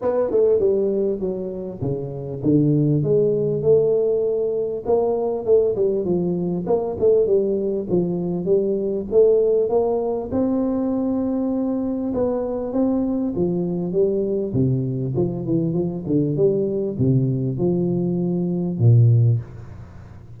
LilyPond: \new Staff \with { instrumentName = "tuba" } { \time 4/4 \tempo 4 = 99 b8 a8 g4 fis4 cis4 | d4 gis4 a2 | ais4 a8 g8 f4 ais8 a8 | g4 f4 g4 a4 |
ais4 c'2. | b4 c'4 f4 g4 | c4 f8 e8 f8 d8 g4 | c4 f2 ais,4 | }